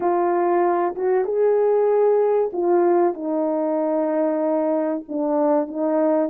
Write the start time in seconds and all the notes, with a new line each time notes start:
0.00 F4
0.95 F#4
1.24 G#4
2.52 F4
3.13 D#4
5.08 D4
5.67 D#4